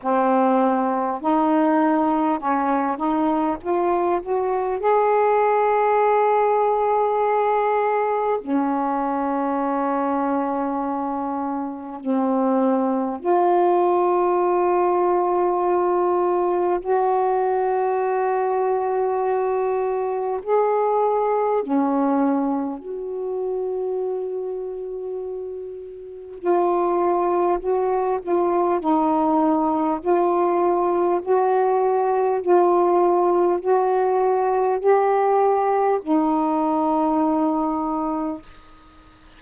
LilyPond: \new Staff \with { instrumentName = "saxophone" } { \time 4/4 \tempo 4 = 50 c'4 dis'4 cis'8 dis'8 f'8 fis'8 | gis'2. cis'4~ | cis'2 c'4 f'4~ | f'2 fis'2~ |
fis'4 gis'4 cis'4 fis'4~ | fis'2 f'4 fis'8 f'8 | dis'4 f'4 fis'4 f'4 | fis'4 g'4 dis'2 | }